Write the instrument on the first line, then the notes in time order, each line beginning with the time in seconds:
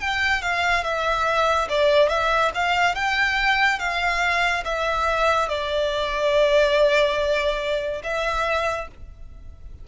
violin
0.00 G5
0.41 F5
0.83 E5
1.69 D5
2.09 E5
2.54 F5
2.95 G5
3.79 F5
4.64 E5
5.49 D5
8.03 E5